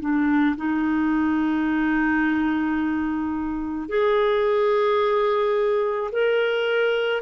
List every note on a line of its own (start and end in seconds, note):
0.00 0.56 D4
0.56 3.88 D#4
3.88 6.11 G#4
6.12 7.21 A#4